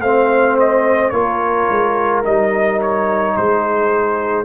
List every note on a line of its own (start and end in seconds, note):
0.00 1.11 A3
0.00 1.13 C4
0.00 1.13 C5
0.00 0.56 F5
0.59 1.09 D#5
1.09 1.67 A#3
1.09 2.24 F4
1.09 3.35 A#4
1.09 2.21 C#5
1.70 2.25 G#3
2.25 3.36 G3
2.25 4.44 D#4
2.25 2.80 D#5
2.81 3.36 C#5
3.36 4.44 G#3
3.36 4.44 G#4
3.36 4.44 C5